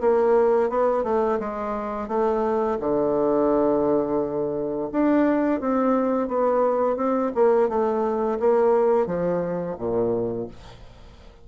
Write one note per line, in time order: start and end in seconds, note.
0.00 0.69 A#3
0.69 1.03 B3
1.03 1.38 A3
1.39 2.07 G#3
2.07 2.77 A3
2.79 4.89 D3
4.92 5.60 D4
5.60 6.28 C4
6.28 6.96 B3
6.96 7.31 C4
7.34 7.68 A#3
7.68 8.38 A3
8.39 9.06 A#3
9.06 9.76 F3
9.77 10.47 A#2